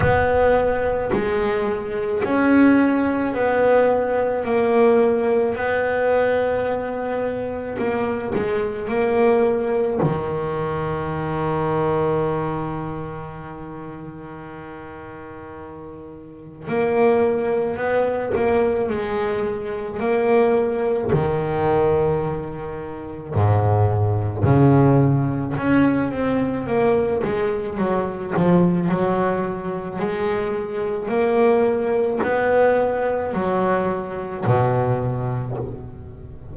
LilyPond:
\new Staff \with { instrumentName = "double bass" } { \time 4/4 \tempo 4 = 54 b4 gis4 cis'4 b4 | ais4 b2 ais8 gis8 | ais4 dis2.~ | dis2. ais4 |
b8 ais8 gis4 ais4 dis4~ | dis4 gis,4 cis4 cis'8 c'8 | ais8 gis8 fis8 f8 fis4 gis4 | ais4 b4 fis4 b,4 | }